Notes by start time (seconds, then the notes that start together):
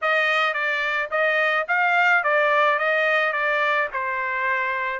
0.01 D#5
0.53 D5
1.10 D#5
1.68 F5
2.23 D5
2.79 D#5
3.32 D5
3.92 C5